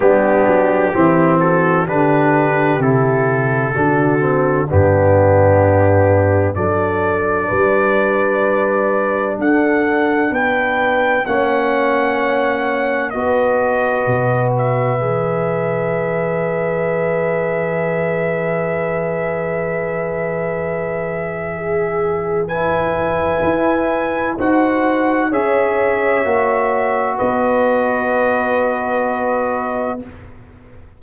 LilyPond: <<
  \new Staff \with { instrumentName = "trumpet" } { \time 4/4 \tempo 4 = 64 g'4. a'8 b'4 a'4~ | a'4 g'2 d''4~ | d''2 fis''4 g''4 | fis''2 dis''4. e''8~ |
e''1~ | e''1 | gis''2 fis''4 e''4~ | e''4 dis''2. | }
  \new Staff \with { instrumentName = "horn" } { \time 4/4 d'4 e'8 fis'8 g'2 | fis'4 d'2 a'4 | b'2 a'4 b'4 | cis''2 b'2~ |
b'1~ | b'2. gis'4 | b'2 c''4 cis''4~ | cis''4 b'2. | }
  \new Staff \with { instrumentName = "trombone" } { \time 4/4 b4 c'4 d'4 e'4 | d'8 c'8 b2 d'4~ | d'1 | cis'2 fis'2 |
gis'1~ | gis'1 | e'2 fis'4 gis'4 | fis'1 | }
  \new Staff \with { instrumentName = "tuba" } { \time 4/4 g8 fis8 e4 d4 c4 | d4 g,2 fis4 | g2 d'4 b4 | ais2 b4 b,4 |
e1~ | e1~ | e4 e'4 dis'4 cis'4 | ais4 b2. | }
>>